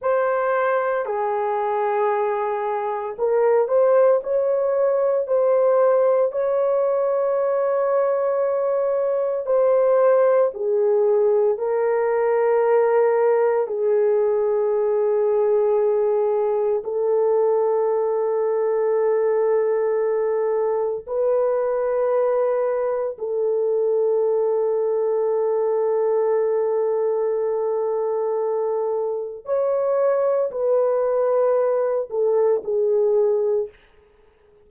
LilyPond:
\new Staff \with { instrumentName = "horn" } { \time 4/4 \tempo 4 = 57 c''4 gis'2 ais'8 c''8 | cis''4 c''4 cis''2~ | cis''4 c''4 gis'4 ais'4~ | ais'4 gis'2. |
a'1 | b'2 a'2~ | a'1 | cis''4 b'4. a'8 gis'4 | }